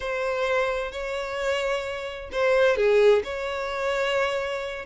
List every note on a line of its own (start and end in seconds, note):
0.00 0.91 C5
0.91 2.30 C#5
2.32 2.76 C5
2.76 3.22 G#4
3.24 4.85 C#5